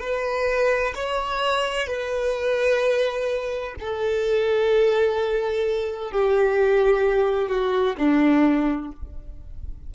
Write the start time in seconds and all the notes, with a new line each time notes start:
0.00 B4
0.95 C#5
1.87 B4
3.79 A4
6.11 G4
7.48 F#4
7.97 D4